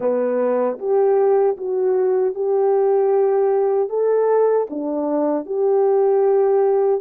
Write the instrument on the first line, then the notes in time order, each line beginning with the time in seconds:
horn
0.00 B3
0.79 G4
1.57 F#4
2.34 G4
3.89 A4
4.70 D4
5.45 G4